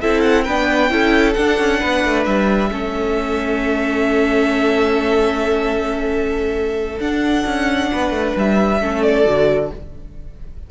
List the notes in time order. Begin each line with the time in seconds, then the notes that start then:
0.00 C4 E4 A4 E5
0.20 F#5
0.43 B3 D4 B4 G5
0.90 C#4 E4 A4
1.33 D4 F#5
1.58 C#4
1.79 B3 B4
2.04 A3
2.25 G3 E5
2.70 A3 C#4 A4
6.99 D4 F#5
7.45 C#4
7.92 B3 B4
8.10 A3
8.36 G3 E5
8.80 A3 C#4 A4
9.02 D5
9.25 D3 F#4